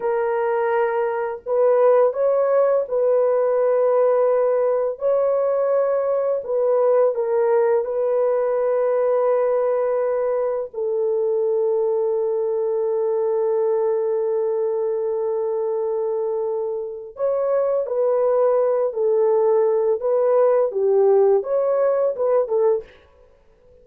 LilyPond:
\new Staff \with { instrumentName = "horn" } { \time 4/4 \tempo 4 = 84 ais'2 b'4 cis''4 | b'2. cis''4~ | cis''4 b'4 ais'4 b'4~ | b'2. a'4~ |
a'1~ | a'1 | cis''4 b'4. a'4. | b'4 g'4 cis''4 b'8 a'8 | }